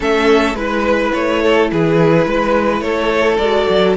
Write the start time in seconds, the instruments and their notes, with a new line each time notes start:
0.00 cello A3, viola C#4, violin A4 E5
0.54 cello G#3, viola E4, violin B4
1.12 cello A3, violin C#5
1.42 violin A4
1.71 cello E3, violin G#4 B4
2.26 cello G#3, violin B4
2.80 cello A3, violin A4 C#5
3.37 cello G#3, viola F#4, violin D5
3.69 cello F#3